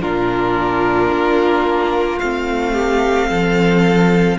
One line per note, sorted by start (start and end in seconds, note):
0.00 1.11 A#2
0.00 2.18 D4
0.00 2.73 F4
0.00 2.19 A#4
1.11 2.20 A#3
2.19 3.30 A3
2.19 4.39 C4
2.19 4.37 F5
2.73 3.27 G4
3.29 4.39 F3
3.29 4.38 A4